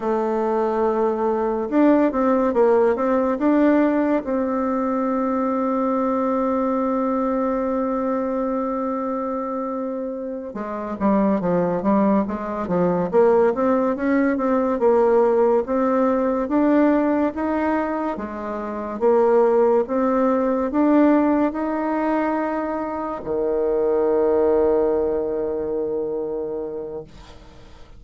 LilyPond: \new Staff \with { instrumentName = "bassoon" } { \time 4/4 \tempo 4 = 71 a2 d'8 c'8 ais8 c'8 | d'4 c'2.~ | c'1~ | c'8 gis8 g8 f8 g8 gis8 f8 ais8 |
c'8 cis'8 c'8 ais4 c'4 d'8~ | d'8 dis'4 gis4 ais4 c'8~ | c'8 d'4 dis'2 dis8~ | dis1 | }